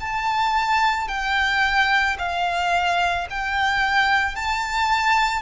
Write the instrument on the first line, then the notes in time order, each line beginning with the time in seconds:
violin
0.00 A5
1.08 G5
2.19 F5
3.30 G5
4.36 A5